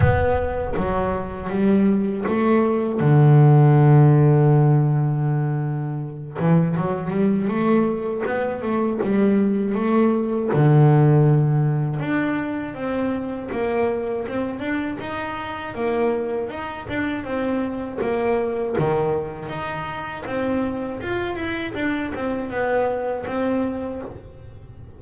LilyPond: \new Staff \with { instrumentName = "double bass" } { \time 4/4 \tempo 4 = 80 b4 fis4 g4 a4 | d1~ | d8 e8 fis8 g8 a4 b8 a8 | g4 a4 d2 |
d'4 c'4 ais4 c'8 d'8 | dis'4 ais4 dis'8 d'8 c'4 | ais4 dis4 dis'4 c'4 | f'8 e'8 d'8 c'8 b4 c'4 | }